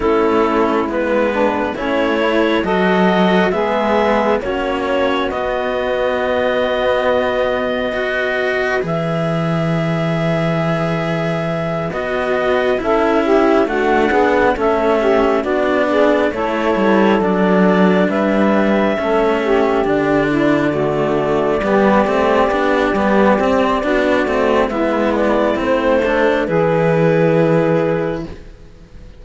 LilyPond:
<<
  \new Staff \with { instrumentName = "clarinet" } { \time 4/4 \tempo 4 = 68 a'4 b'4 cis''4 dis''4 | e''4 cis''4 dis''2~ | dis''2 e''2~ | e''4. dis''4 e''4 fis''8~ |
fis''8 e''4 d''4 cis''4 d''8~ | d''8 e''2 d''4.~ | d''1 | e''8 d''8 c''4 b'2 | }
  \new Staff \with { instrumentName = "saxophone" } { \time 4/4 e'4. d'8 cis'8 e'8 a'4 | gis'4 fis'2.~ | fis'4 b'2.~ | b'2~ b'8 a'8 g'8 fis'8 |
gis'8 a'8 g'8 fis'8 gis'8 a'4.~ | a'8 b'4 a'8 g'4 e'8 fis'8~ | fis'8 g'2~ g'8 fis'4 | e'4. a'8 gis'2 | }
  \new Staff \with { instrumentName = "cello" } { \time 4/4 cis'4 b4 e'4 fis'4 | b4 cis'4 b2~ | b4 fis'4 gis'2~ | gis'4. fis'4 e'4 a8 |
b8 cis'4 d'4 e'4 d'8~ | d'4. cis'4 d'4 a8~ | a8 b8 c'8 d'8 b8 c'8 d'8 c'8 | b4 c'8 d'8 e'2 | }
  \new Staff \with { instrumentName = "cello" } { \time 4/4 a4 gis4 a4 fis4 | gis4 ais4 b2~ | b2 e2~ | e4. b4 cis'4 d'8~ |
d'8 a4 b4 a8 g8 fis8~ | fis8 g4 a4 d4.~ | d8 g8 a8 b8 g8 c'8 b8 a8 | gis4 a4 e2 | }
>>